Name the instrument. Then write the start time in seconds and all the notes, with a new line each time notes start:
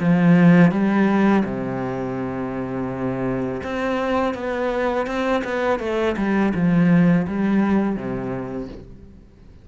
cello
0.00 F3
0.71 G3
1.45 C3
3.63 C4
4.34 B3
5.07 C4
5.44 B3
5.80 A3
6.17 G3
6.55 F3
7.27 G3
7.96 C3